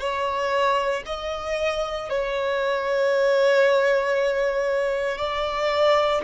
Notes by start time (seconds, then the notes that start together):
0.00 C#5
1.06 D#5
2.10 C#5
5.18 D5